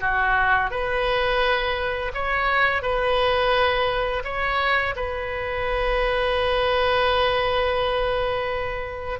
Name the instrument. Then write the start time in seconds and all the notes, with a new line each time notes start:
oboe
0.00 F#4
0.70 B4
2.14 C#5
2.82 B4
4.24 C#5
4.95 B4